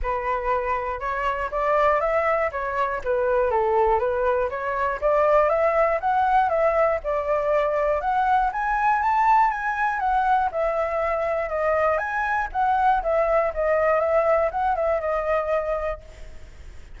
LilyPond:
\new Staff \with { instrumentName = "flute" } { \time 4/4 \tempo 4 = 120 b'2 cis''4 d''4 | e''4 cis''4 b'4 a'4 | b'4 cis''4 d''4 e''4 | fis''4 e''4 d''2 |
fis''4 gis''4 a''4 gis''4 | fis''4 e''2 dis''4 | gis''4 fis''4 e''4 dis''4 | e''4 fis''8 e''8 dis''2 | }